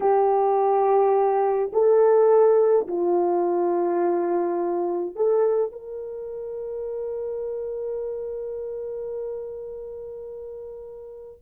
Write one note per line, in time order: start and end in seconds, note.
0.00 1.71 G4
1.72 2.87 A4
2.87 5.15 F4
5.15 5.71 A4
5.71 11.42 A#4